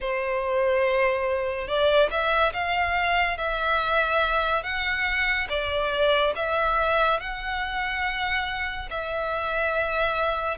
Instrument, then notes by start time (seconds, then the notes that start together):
violin
0.00 C5
1.67 D5
2.10 E5
2.53 F5
3.37 E5
4.62 F#5
5.49 D5
6.35 E5
7.20 F#5
8.90 E5